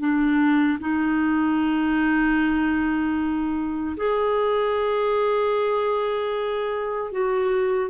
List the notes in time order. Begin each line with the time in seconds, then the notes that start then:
0.00 D4
0.81 D#4
3.98 G#4
7.12 F#4